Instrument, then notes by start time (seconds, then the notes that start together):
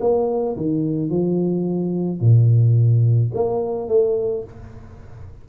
tuba
0.00 A#3
0.56 D#3
1.09 F3
2.20 A#2
3.34 A#3
3.88 A3